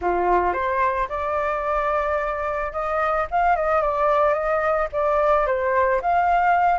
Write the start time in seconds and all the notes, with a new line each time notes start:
0.01 F4
0.53 C5
1.09 D5
2.72 D#5
3.30 F5
3.56 D#5
3.81 D5
4.33 D#5
4.92 D5
5.46 C5
6.01 F5